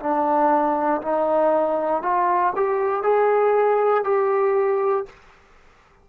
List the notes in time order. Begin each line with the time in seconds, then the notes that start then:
0.00 D4
1.02 D#4
2.03 F4
2.56 G4
3.03 G#4
4.04 G4